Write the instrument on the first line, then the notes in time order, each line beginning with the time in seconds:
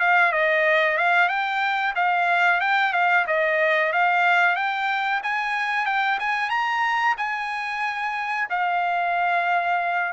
trumpet
0.00 F5
0.32 D#5
0.98 F5
1.29 G5
1.96 F5
2.61 G5
2.93 F5
3.28 D#5
3.93 F5
4.56 G5
5.24 G#5
5.86 G5
6.20 G#5
6.50 A#5
7.17 G#5
8.50 F5